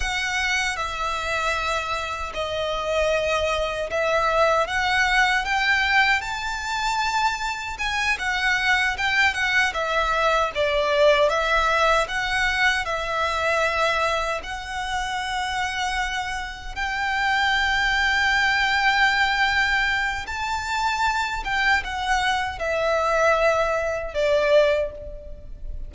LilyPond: \new Staff \with { instrumentName = "violin" } { \time 4/4 \tempo 4 = 77 fis''4 e''2 dis''4~ | dis''4 e''4 fis''4 g''4 | a''2 gis''8 fis''4 g''8 | fis''8 e''4 d''4 e''4 fis''8~ |
fis''8 e''2 fis''4.~ | fis''4. g''2~ g''8~ | g''2 a''4. g''8 | fis''4 e''2 d''4 | }